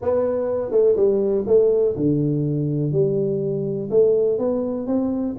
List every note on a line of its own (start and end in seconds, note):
0.01 0.71 B3
0.71 0.95 A3
0.96 1.45 G3
1.46 1.95 A3
1.96 2.92 D3
2.92 3.89 G3
3.90 4.38 A3
4.38 4.86 B3
4.86 5.35 C4